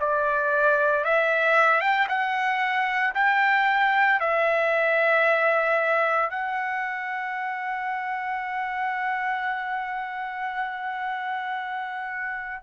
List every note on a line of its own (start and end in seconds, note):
0.00 1.04 D5
1.04 1.81 E5
1.81 2.07 G5
2.08 3.13 F#5
3.14 4.20 G5
4.20 6.30 E5
6.30 12.61 F#5